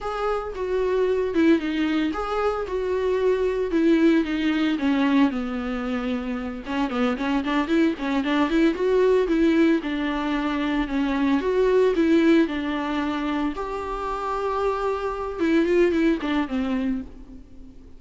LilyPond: \new Staff \with { instrumentName = "viola" } { \time 4/4 \tempo 4 = 113 gis'4 fis'4. e'8 dis'4 | gis'4 fis'2 e'4 | dis'4 cis'4 b2~ | b8 cis'8 b8 cis'8 d'8 e'8 cis'8 d'8 |
e'8 fis'4 e'4 d'4.~ | d'8 cis'4 fis'4 e'4 d'8~ | d'4. g'2~ g'8~ | g'4 e'8 f'8 e'8 d'8 c'4 | }